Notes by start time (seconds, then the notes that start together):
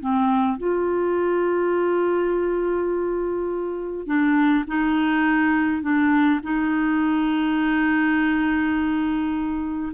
0.00 C4
0.58 F4
4.06 D4
4.67 D#4
5.82 D4
6.43 D#4